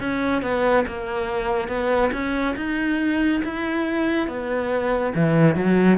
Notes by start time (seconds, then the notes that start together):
0.00 C#4
0.42 B3
0.88 A#3
1.68 B3
2.13 C#4
2.56 D#4
3.44 E4
4.28 B3
5.15 E3
5.56 F#3